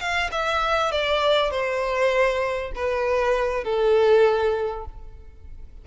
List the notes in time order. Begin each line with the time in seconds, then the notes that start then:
0.00 F5
0.32 E5
0.92 D5
1.51 C5
2.75 B4
3.64 A4